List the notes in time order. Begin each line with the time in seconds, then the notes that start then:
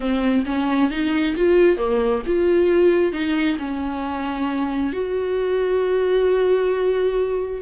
0.00 C4
0.45 C#4
0.90 D#4
1.36 F4
1.77 A#3
2.26 F4
3.12 D#4
3.58 C#4
4.93 F#4